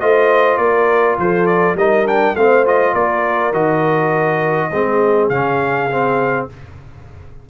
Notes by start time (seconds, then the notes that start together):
0.00 A3 F4 C5 D#5
0.57 A#3 A#4 D5
1.18 F3 A4 C5
1.46 D5
1.74 G3 D#4 A#4 D#5
2.06 D4 G5
2.34 A3 C4 C5 F5
2.65 F4 D#5
2.93 A#3 A#4 D5
3.52 D#3 F#4 D#5
4.71 G#3 C4 G#4
5.29 C#3 C#4 F5
5.90 C4